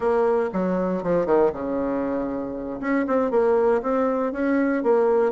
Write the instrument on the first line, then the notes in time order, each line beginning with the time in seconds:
bassoon
0.00 A#3
0.52 F#3
1.03 F3
1.26 D#3
1.53 C#3
2.80 C#4
3.07 C4
3.31 A#3
3.82 C4
4.32 C#4
4.83 A#3